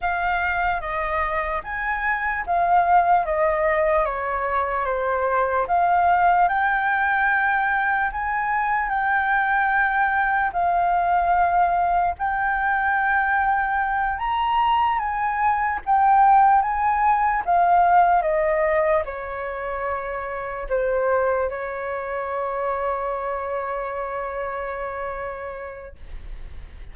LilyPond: \new Staff \with { instrumentName = "flute" } { \time 4/4 \tempo 4 = 74 f''4 dis''4 gis''4 f''4 | dis''4 cis''4 c''4 f''4 | g''2 gis''4 g''4~ | g''4 f''2 g''4~ |
g''4. ais''4 gis''4 g''8~ | g''8 gis''4 f''4 dis''4 cis''8~ | cis''4. c''4 cis''4.~ | cis''1 | }